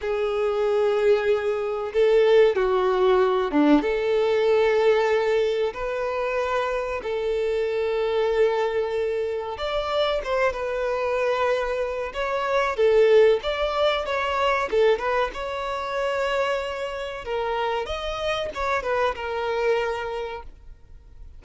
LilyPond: \new Staff \with { instrumentName = "violin" } { \time 4/4 \tempo 4 = 94 gis'2. a'4 | fis'4. d'8 a'2~ | a'4 b'2 a'4~ | a'2. d''4 |
c''8 b'2~ b'8 cis''4 | a'4 d''4 cis''4 a'8 b'8 | cis''2. ais'4 | dis''4 cis''8 b'8 ais'2 | }